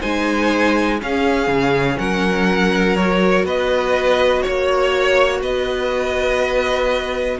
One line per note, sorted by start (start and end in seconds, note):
0.00 1.02 G#3
0.00 0.99 D#4
0.00 0.98 C5
0.00 1.00 G#5
0.99 2.96 C#4
0.99 1.47 C#4
0.99 1.99 G#4
0.99 1.98 F5
1.47 1.97 C#3
1.98 3.44 F#3
1.98 3.45 A#4
1.98 2.96 F#5
2.96 7.40 F#4
2.96 3.45 C#5
3.44 4.42 B3
3.44 4.42 B4
3.44 4.42 D#5
4.42 5.41 A#3
4.42 5.41 C#5
5.41 7.38 B3
5.41 7.38 B4
5.41 7.39 D#5